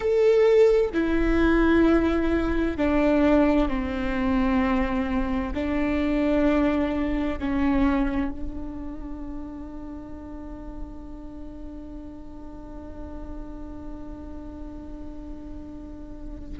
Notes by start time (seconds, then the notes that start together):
0.00 A4
0.93 E4
2.77 D4
3.68 C4
5.54 D4
7.38 C#4
8.31 D4